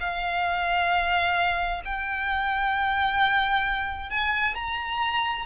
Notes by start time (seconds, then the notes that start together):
0.00 F5
1.85 G5
4.10 G#5
4.55 A#5